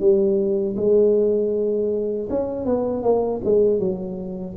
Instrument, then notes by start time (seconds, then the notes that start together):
tuba
0.00 G3
0.77 G#3
2.30 C#4
2.65 B3
3.03 A#3
3.45 G#3
3.80 F#3